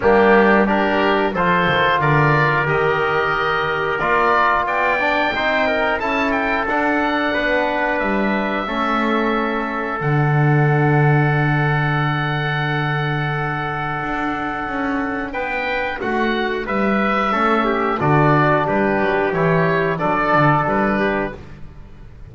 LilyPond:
<<
  \new Staff \with { instrumentName = "oboe" } { \time 4/4 \tempo 4 = 90 g'4 ais'4 c''4 d''4 | dis''2 d''4 g''4~ | g''4 a''8 g''8 fis''2 | e''2. fis''4~ |
fis''1~ | fis''2. g''4 | fis''4 e''2 d''4 | b'4 cis''4 d''4 b'4 | }
  \new Staff \with { instrumentName = "trumpet" } { \time 4/4 d'4 g'4 a'4 ais'4~ | ais'2. d''4 | c''8 ais'8 a'2 b'4~ | b'4 a'2.~ |
a'1~ | a'2. b'4 | fis'4 b'4 a'8 g'8 fis'4 | g'2 a'4. g'8 | }
  \new Staff \with { instrumentName = "trombone" } { \time 4/4 ais4 d'4 f'2 | g'2 f'4. d'8 | dis'4 e'4 d'2~ | d'4 cis'2 d'4~ |
d'1~ | d'1~ | d'2 cis'4 d'4~ | d'4 e'4 d'2 | }
  \new Staff \with { instrumentName = "double bass" } { \time 4/4 g2 f8 dis8 d4 | dis2 ais4 b4 | c'4 cis'4 d'4 b4 | g4 a2 d4~ |
d1~ | d4 d'4 cis'4 b4 | a4 g4 a4 d4 | g8 fis8 e4 fis8 d8 g4 | }
>>